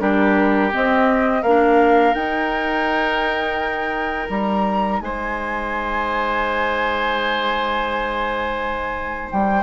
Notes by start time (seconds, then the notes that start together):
0.00 G3 D4 G4 A#4
0.72 C4 D#5
1.42 A#3 D4 A#4 F5
2.14 D#4 G5
4.30 G3 A#5
5.01 G#3 C5 G#5
9.32 G3 G5